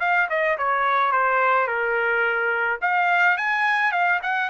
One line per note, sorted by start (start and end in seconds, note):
0.00 0.28 F5
0.29 0.57 D#5
0.58 1.12 C#5
1.12 1.67 C5
1.67 2.79 A#4
2.81 3.37 F5
3.38 3.92 G#5
3.92 4.20 F5
4.23 4.50 F#5